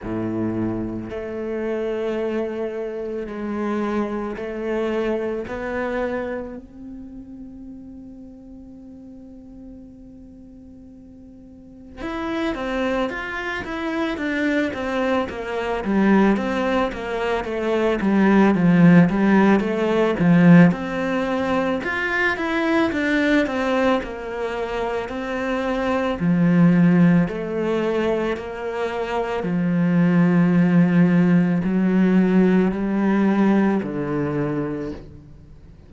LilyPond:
\new Staff \with { instrumentName = "cello" } { \time 4/4 \tempo 4 = 55 a,4 a2 gis4 | a4 b4 c'2~ | c'2. e'8 c'8 | f'8 e'8 d'8 c'8 ais8 g8 c'8 ais8 |
a8 g8 f8 g8 a8 f8 c'4 | f'8 e'8 d'8 c'8 ais4 c'4 | f4 a4 ais4 f4~ | f4 fis4 g4 d4 | }